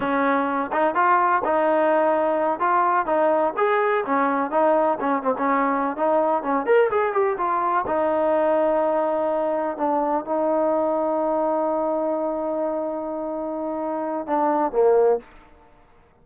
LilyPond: \new Staff \with { instrumentName = "trombone" } { \time 4/4 \tempo 4 = 126 cis'4. dis'8 f'4 dis'4~ | dis'4. f'4 dis'4 gis'8~ | gis'8 cis'4 dis'4 cis'8 c'16 cis'8.~ | cis'8 dis'4 cis'8 ais'8 gis'8 g'8 f'8~ |
f'8 dis'2.~ dis'8~ | dis'8 d'4 dis'2~ dis'8~ | dis'1~ | dis'2 d'4 ais4 | }